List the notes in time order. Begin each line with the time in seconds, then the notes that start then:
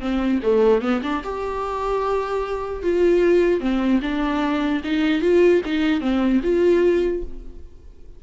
0.00 C4
0.43 A3
0.81 B3
1.03 D4
1.23 G4
2.83 F4
3.60 C4
4.02 D4
4.84 D#4
5.21 F4
5.65 D#4
6.01 C4
6.43 F4